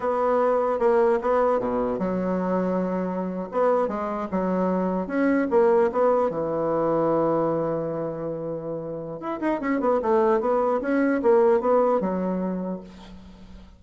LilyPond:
\new Staff \with { instrumentName = "bassoon" } { \time 4/4 \tempo 4 = 150 b2 ais4 b4 | b,4 fis2.~ | fis8. b4 gis4 fis4~ fis16~ | fis8. cis'4 ais4 b4 e16~ |
e1~ | e2. e'8 dis'8 | cis'8 b8 a4 b4 cis'4 | ais4 b4 fis2 | }